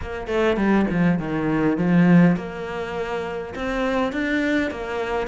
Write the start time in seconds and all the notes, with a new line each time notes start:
0.01 A#3
0.27 A3
0.56 G3
0.90 F3
1.18 D#3
1.77 F3
2.36 A#3
3.55 C4
4.12 D4
4.71 A#3